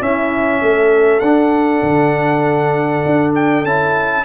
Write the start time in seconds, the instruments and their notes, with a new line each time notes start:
0.00 trombone C#4, tuba C#4, horn E4, trumpet E5
0.61 tuba A3, horn A4
1.19 tuba D4, trombone D4, trumpet F#5
1.82 tuba D3
3.06 tuba D4
3.35 trumpet G5
3.64 tuba C#4, trombone E4, trumpet A5